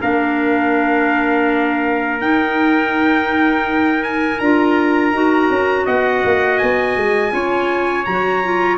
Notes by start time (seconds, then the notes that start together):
0.00 A#3 D4 A#4 F5
2.21 D#4 G5
4.03 G#5
4.39 D4 F4 A#5
5.12 D#4 F#4
5.50 C#4
5.85 B3 D#5 F#5
6.24 A#3
6.58 B3 G#5
6.96 G#3
7.31 C#4 F4 C#5
8.05 F#3 F#4 A#5
8.43 F4